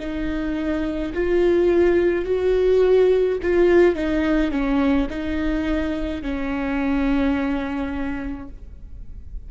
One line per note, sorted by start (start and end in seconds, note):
0.00 1.13 D#4
1.13 2.25 F4
2.25 3.39 F#4
3.42 3.95 F4
3.95 4.51 D#4
4.51 5.08 C#4
5.09 6.22 D#4
6.22 8.49 C#4